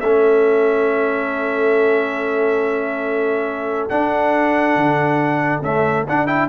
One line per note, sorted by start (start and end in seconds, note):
0.00 3.90 A3
0.00 3.90 C#4
0.00 6.49 A4
0.00 3.88 E5
3.89 5.63 D4
3.89 4.76 D4
3.89 5.62 F#5
4.76 5.61 D3
5.61 6.08 A3
5.61 6.05 C#4
5.61 6.06 E5
6.08 6.27 D4
6.08 6.49 D4
6.08 6.27 F#5
6.27 6.48 E4
6.27 6.48 G5